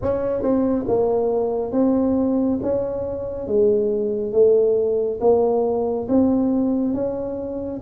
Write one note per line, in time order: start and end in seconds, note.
0.02 0.42 C#4
0.42 0.85 C4
0.87 1.72 A#3
1.72 2.59 C4
2.62 3.47 C#4
3.47 4.32 G#3
4.32 5.19 A3
5.20 6.07 A#3
6.08 6.94 C4
6.94 7.81 C#4